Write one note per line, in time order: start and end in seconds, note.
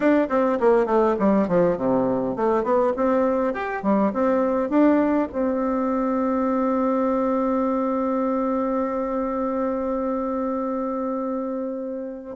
0.00 0.28 D4
0.29 0.58 C4
0.59 0.86 A#3
0.86 1.15 A3
1.19 1.48 G3
1.48 1.77 F3
1.77 2.35 C3
2.35 2.63 A3
2.63 2.93 B3
2.96 3.53 C4
3.53 3.82 G4
3.83 4.12 G3
4.13 4.69 C4
4.69 5.28 D4
5.32 12.36 C4